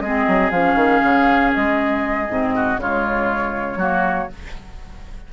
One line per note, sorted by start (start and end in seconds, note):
0.00 0.26 G#3
0.00 0.53 C4
0.00 2.55 G#4
0.00 0.50 D#5
0.27 0.51 F#3
0.51 0.75 F3
0.51 2.29 C#4
0.51 1.52 F5
0.75 1.00 D#3
1.03 1.54 C#3
1.54 2.29 G#3
1.54 2.80 D#5
2.29 2.77 G#2
2.29 2.79 C4
2.55 2.80 F#4
2.77 3.76 C#3
2.77 3.79 G#3
2.77 3.78 F4
2.77 4.32 C#5
3.76 4.26 F#3
3.76 4.29 A#3
3.76 4.28 F#4